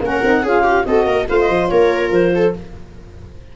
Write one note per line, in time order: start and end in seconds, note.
0.00 0.21 A#3
0.00 0.23 C#4
0.00 0.42 A#4
0.00 0.47 F#5
0.23 0.43 C4
0.23 0.44 D#4
0.42 0.85 C#4
0.42 0.85 F4
0.42 0.63 G#4
0.42 0.85 F5
0.63 0.84 G4
0.85 1.06 C4
0.85 1.26 F#4
0.85 1.06 A4
0.85 1.27 D#5
1.06 1.26 A#3
1.06 1.27 A#4
1.26 1.48 A3
1.26 2.52 F4
1.26 1.71 C5
1.26 1.39 F5
1.40 1.67 D#5
1.48 1.69 F3
1.67 2.11 A#3
1.67 2.34 A#4
1.67 2.09 C#5
2.11 2.53 F3
2.11 2.53 C5
2.35 2.56 A4